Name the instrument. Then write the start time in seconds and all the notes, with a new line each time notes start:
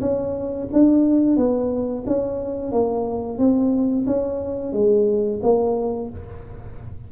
tuba
0.00 C#4
0.72 D4
1.36 B3
2.06 C#4
2.71 A#3
3.38 C4
4.06 C#4
4.72 G#3
5.42 A#3